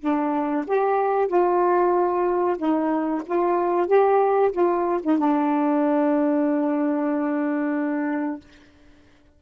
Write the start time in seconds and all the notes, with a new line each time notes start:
0.00 D4
0.66 G4
1.28 F4
2.57 D#4
3.26 F4
3.87 G4
4.52 F4
5.02 D#4
5.18 D4